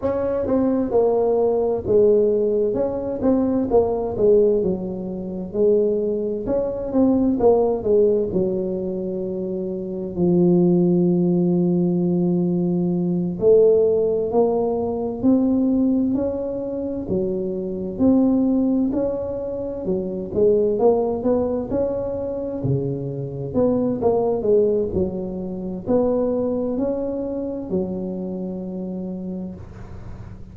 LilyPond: \new Staff \with { instrumentName = "tuba" } { \time 4/4 \tempo 4 = 65 cis'8 c'8 ais4 gis4 cis'8 c'8 | ais8 gis8 fis4 gis4 cis'8 c'8 | ais8 gis8 fis2 f4~ | f2~ f8 a4 ais8~ |
ais8 c'4 cis'4 fis4 c'8~ | c'8 cis'4 fis8 gis8 ais8 b8 cis'8~ | cis'8 cis4 b8 ais8 gis8 fis4 | b4 cis'4 fis2 | }